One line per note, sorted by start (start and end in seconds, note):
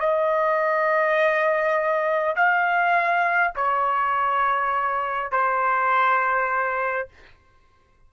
0.00 2.35 D#5
2.36 3.53 F5
3.56 5.32 C#5
5.32 7.08 C5